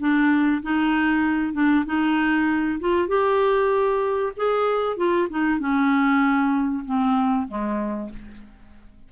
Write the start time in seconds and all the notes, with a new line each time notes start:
0.00 D4
0.63 D#4
1.54 D4
1.86 D#4
2.81 F4
3.08 G4
4.37 G#4
4.97 F4
5.30 D#4
5.60 C#4
6.86 C4
7.48 G#3